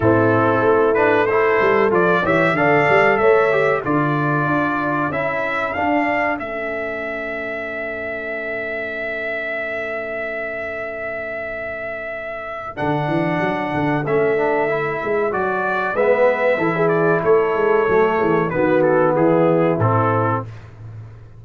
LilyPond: <<
  \new Staff \with { instrumentName = "trumpet" } { \time 4/4 \tempo 4 = 94 a'4. b'8 c''4 d''8 e''8 | f''4 e''4 d''2 | e''4 f''4 e''2~ | e''1~ |
e''1 | fis''2 e''2 | d''4 e''4. d''8 cis''4~ | cis''4 b'8 a'8 gis'4 a'4 | }
  \new Staff \with { instrumentName = "horn" } { \time 4/4 e'2 a'4. cis''8 | d''4 cis''4 a'2~ | a'1~ | a'1~ |
a'1~ | a'1~ | a'4 b'4 a'16 gis'8. a'4~ | a'8 gis'8 fis'4 e'2 | }
  \new Staff \with { instrumentName = "trombone" } { \time 4/4 c'4. d'8 e'4 f'8 g'8 | a'4. g'8 f'2 | e'4 d'4 cis'2~ | cis'1~ |
cis'1 | d'2 cis'8 d'8 e'4 | fis'4 b4 e'2 | a4 b2 c'4 | }
  \new Staff \with { instrumentName = "tuba" } { \time 4/4 a,4 a4. g8 f8 e8 | d8 g8 a4 d4 d'4 | cis'4 d'4 a2~ | a1~ |
a1 | d8 e8 fis8 d8 a4. gis8 | fis4 gis4 e4 a8 gis8 | fis8 e8 dis4 e4 a,4 | }
>>